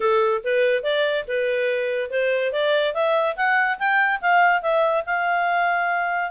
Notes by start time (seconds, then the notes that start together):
0.00 A4
0.44 B4
0.83 D5
1.27 B4
2.10 C5
2.52 D5
2.94 E5
3.36 F#5
3.79 G5
4.21 F5
4.62 E5
5.06 F5